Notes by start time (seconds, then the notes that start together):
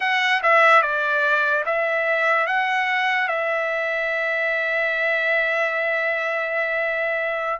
0.00 F#5
0.42 E5
0.81 D5
1.65 E5
2.47 F#5
3.28 E5